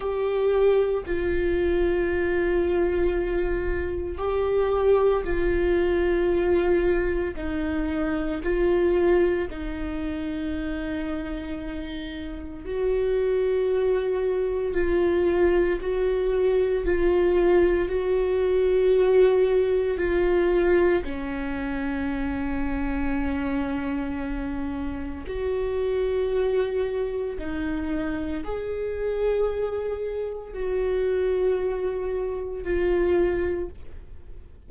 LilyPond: \new Staff \with { instrumentName = "viola" } { \time 4/4 \tempo 4 = 57 g'4 f'2. | g'4 f'2 dis'4 | f'4 dis'2. | fis'2 f'4 fis'4 |
f'4 fis'2 f'4 | cis'1 | fis'2 dis'4 gis'4~ | gis'4 fis'2 f'4 | }